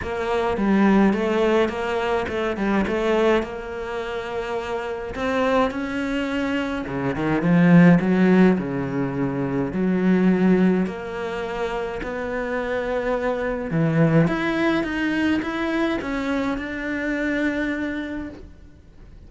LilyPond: \new Staff \with { instrumentName = "cello" } { \time 4/4 \tempo 4 = 105 ais4 g4 a4 ais4 | a8 g8 a4 ais2~ | ais4 c'4 cis'2 | cis8 dis8 f4 fis4 cis4~ |
cis4 fis2 ais4~ | ais4 b2. | e4 e'4 dis'4 e'4 | cis'4 d'2. | }